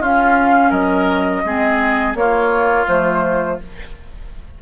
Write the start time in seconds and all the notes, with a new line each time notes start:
0.00 C#4 F4 F5
0.70 F#3 A#4 D#5
1.44 G#3 C4 G#4
2.14 A#3 F4 C#5
2.87 F3 A3 C5